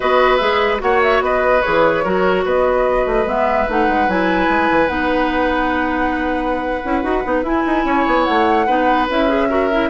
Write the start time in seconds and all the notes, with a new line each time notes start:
0.00 B3 F#4 B4 D#5
0.37 G#3 G#4 E5
0.79 A#3 F#4 C#5 F#5
1.02 E5
1.21 B3 B4 D#5
1.61 E3 G#4 C#5
2.03 F#3 F#4 A#4
2.45 B3 B4 D#5
3.06 A3
3.26 G#3 B3 E5
3.68 A3 D#4 F#5
3.87 G#3
4.08 F#3 E4 G#5
4.48 G#3
4.70 E3
4.87 B3 D#4 F#5
6.84 C#4 E4
7.03 D#4 F#4
7.23 B3 D#4
7.43 E4 G#5
7.66 D#4
7.84 C#4 C#5
8.06 B3
8.24 A3 F#5
8.66 B3 D#4 B4
9.09 C#4 E4 E5
9.28 G#4
9.49 F#4 A#4
9.71 E4